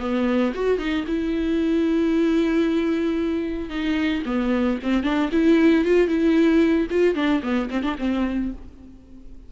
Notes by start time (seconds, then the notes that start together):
0.00 B3
0.55 F#4
0.79 D#4
1.08 E4
3.70 D#4
4.26 B3
4.83 C4
5.04 D4
5.32 E4
5.85 F4
6.08 E4
6.91 F4
7.15 D4
7.43 B3
7.71 C4
7.83 D4
7.99 C4